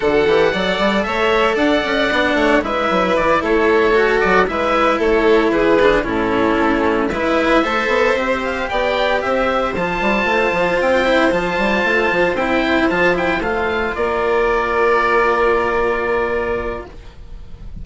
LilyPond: <<
  \new Staff \with { instrumentName = "oboe" } { \time 4/4 \tempo 4 = 114 fis''2 e''4 fis''4~ | fis''4 e''4 d''8 cis''4. | d''8 e''4 cis''4 b'4 a'8~ | a'4. e''2~ e''8 |
f''8 g''4 e''4 a''4.~ | a''8 g''4 a''2 g''8~ | g''8 a''8 g''8 f''4 d''4.~ | d''1 | }
  \new Staff \with { instrumentName = "violin" } { \time 4/4 a'4 d''4 cis''4 d''4~ | d''8 cis''8 b'4. a'4.~ | a'8 b'4 a'4 gis'4 e'8~ | e'4. b'4 c''4.~ |
c''8 d''4 c''2~ c''8~ | c''1~ | c''2~ c''8 ais'4.~ | ais'1 | }
  \new Staff \with { instrumentName = "cello" } { \time 4/4 fis'8 g'8 a'2. | d'4 e'2~ e'8 fis'8~ | fis'8 e'2~ e'8 d'8 cis'8~ | cis'4. e'4 a'4 g'8~ |
g'2~ g'8 f'4.~ | f'4 e'8 f'2 e'8~ | e'8 f'8 e'8 f'2~ f'8~ | f'1 | }
  \new Staff \with { instrumentName = "bassoon" } { \time 4/4 d8 e8 fis8 g8 a4 d'8 cis'8 | b8 a8 gis8 fis8 e8 a4. | fis8 gis4 a4 e4 a,8~ | a,8 a4 gis4 a8 b8 c'8~ |
c'8 b4 c'4 f8 g8 a8 | f8 c'4 f8 g8 a8 f8 c'8~ | c'8 f4 a4 ais4.~ | ais1 | }
>>